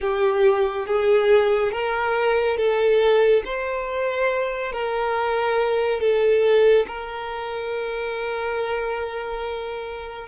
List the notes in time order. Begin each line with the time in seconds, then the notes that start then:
0.00 G4
0.86 G#4
1.71 A#4
2.57 A4
3.44 C5
4.72 A#4
6.00 A4
6.87 A#4